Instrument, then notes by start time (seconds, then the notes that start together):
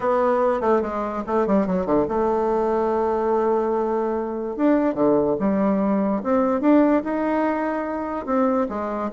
bassoon
0.00 B3
0.60 A3
0.81 G#3
1.26 A3
1.47 G3
1.67 F#3
1.86 D3
2.08 A3
4.56 D4
4.94 D3
5.39 G3
6.23 C4
6.61 D4
7.03 D#4
8.26 C4
8.68 G#3